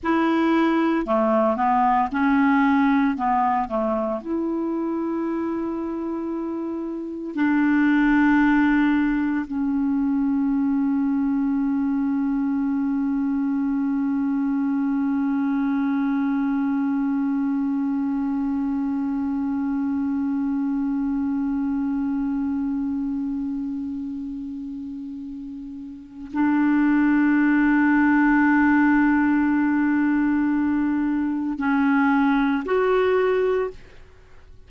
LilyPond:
\new Staff \with { instrumentName = "clarinet" } { \time 4/4 \tempo 4 = 57 e'4 a8 b8 cis'4 b8 a8 | e'2. d'4~ | d'4 cis'2.~ | cis'1~ |
cis'1~ | cis'1~ | cis'4 d'2.~ | d'2 cis'4 fis'4 | }